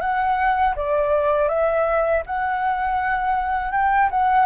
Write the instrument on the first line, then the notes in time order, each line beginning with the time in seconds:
flute
0.00 F#5
0.75 D5
1.48 E5
2.26 F#5
3.72 G5
4.10 F#5